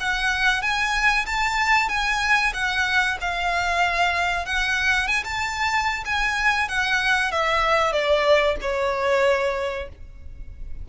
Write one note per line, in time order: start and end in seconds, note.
0.00 0.62 F#5
0.62 1.26 G#5
1.26 1.89 A5
1.89 2.52 G#5
2.54 3.17 F#5
3.21 4.46 F5
4.46 5.07 F#5
5.07 5.23 G#5
5.24 6.04 A5
6.05 6.68 G#5
6.68 7.31 F#5
7.31 7.92 E5
7.92 8.56 D5
8.61 9.88 C#5